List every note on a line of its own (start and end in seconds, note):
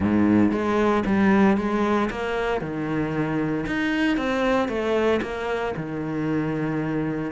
0.00 0.51 G#2
0.51 1.03 G#3
1.06 1.57 G3
1.57 2.09 G#3
2.10 2.61 A#3
2.61 3.65 D#3
3.66 4.17 D#4
4.17 4.68 C4
4.68 5.20 A3
5.22 5.74 A#3
5.76 7.31 D#3